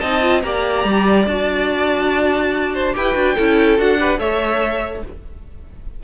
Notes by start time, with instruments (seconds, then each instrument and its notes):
0.00 cello C4, viola D#4, violin D#5 A5
0.22 viola F4
0.42 cello A#3, viola G4, violin D5 A#5
0.85 cello G3
1.27 cello D4, viola F#4, violin A5
2.75 violin C5
2.94 cello E4, viola G4, violin B4 G5
3.14 cello D4, viola F#4
3.36 cello C#4, viola E4, violin A4
3.78 cello D4, viola F#4, violin F#5
3.99 viola G4, violin B4
4.19 cello A3, viola A4, violin C#5 E5